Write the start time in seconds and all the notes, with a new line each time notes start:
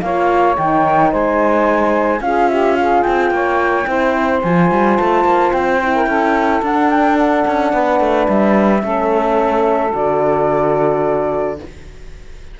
0.00 A#3 F4 C#5 F5
0.56 D#3 D#4 G5
1.11 G#3 C5 G#5
2.21 C#4 F4 G#4 F5
2.49 G4 E5
2.76 G#4 F5
3.03 C4 G5
3.30 A#3 C#5
3.87 C4 E4 C5
4.43 F3 F4 G#5
4.71 G3
4.97 A3 A5
5.24 A#3
5.53 C4 G5
5.83 E4
5.94 A#4
6.06 C#4 A4
6.62 D4 F#5
6.90 G5
7.18 F#5
7.47 C#4
7.73 B3 B4
8.00 A3
8.28 G3 E5
8.81 A3 C#4 A4
9.92 D3 F#4 D5